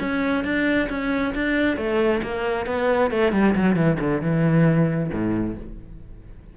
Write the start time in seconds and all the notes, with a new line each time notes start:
0.00 C#4
0.44 D4
0.89 C#4
1.35 D4
1.77 A3
2.23 A#3
2.66 B3
3.11 A3
3.33 G3
3.55 F#3
3.76 E3
4.00 D3
4.22 E3
5.13 A2